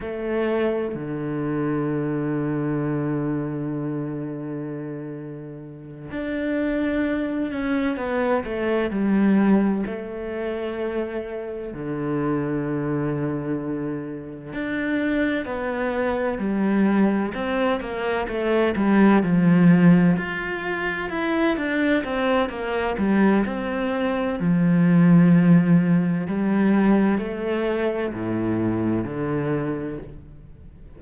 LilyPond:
\new Staff \with { instrumentName = "cello" } { \time 4/4 \tempo 4 = 64 a4 d2.~ | d2~ d8 d'4. | cis'8 b8 a8 g4 a4.~ | a8 d2. d'8~ |
d'8 b4 g4 c'8 ais8 a8 | g8 f4 f'4 e'8 d'8 c'8 | ais8 g8 c'4 f2 | g4 a4 a,4 d4 | }